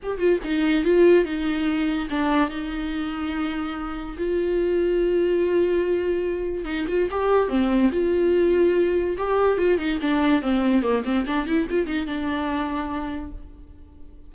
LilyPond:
\new Staff \with { instrumentName = "viola" } { \time 4/4 \tempo 4 = 144 g'8 f'8 dis'4 f'4 dis'4~ | dis'4 d'4 dis'2~ | dis'2 f'2~ | f'1 |
dis'8 f'8 g'4 c'4 f'4~ | f'2 g'4 f'8 dis'8 | d'4 c'4 ais8 c'8 d'8 e'8 | f'8 dis'8 d'2. | }